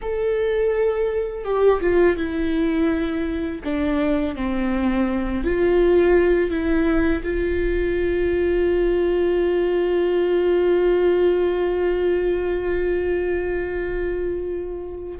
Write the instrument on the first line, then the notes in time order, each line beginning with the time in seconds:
viola
0.01 A4
1.44 G4
1.81 F4
2.17 E4
3.63 D4
4.35 C4
5.44 F4
6.50 E4
7.23 F4